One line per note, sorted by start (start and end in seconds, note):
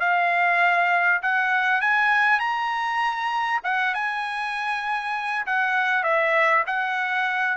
0.00 1.21 F5
1.22 1.81 F#5
1.81 2.39 G#5
2.39 3.61 A#5
3.64 3.94 F#5
3.94 5.46 G#5
5.46 6.04 F#5
6.04 6.64 E5
6.67 7.57 F#5